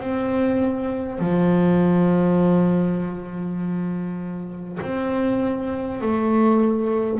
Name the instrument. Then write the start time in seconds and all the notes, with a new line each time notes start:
double bass
0.00 C4
1.19 F3
4.82 C4
6.01 A3